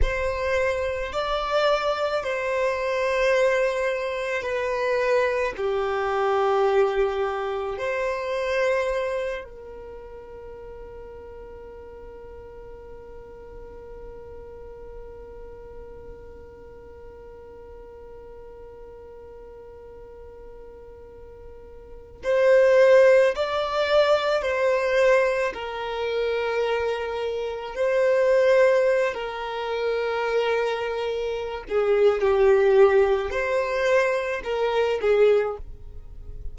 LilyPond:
\new Staff \with { instrumentName = "violin" } { \time 4/4 \tempo 4 = 54 c''4 d''4 c''2 | b'4 g'2 c''4~ | c''8 ais'2.~ ais'8~ | ais'1~ |
ais'1 | c''4 d''4 c''4 ais'4~ | ais'4 c''4~ c''16 ais'4.~ ais'16~ | ais'8 gis'8 g'4 c''4 ais'8 gis'8 | }